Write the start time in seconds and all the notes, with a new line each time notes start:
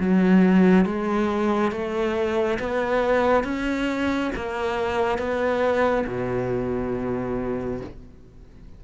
0.00 F#3
0.86 G#3
1.72 A3
2.60 B3
3.45 C#4
4.36 A#3
5.19 B3
6.07 B2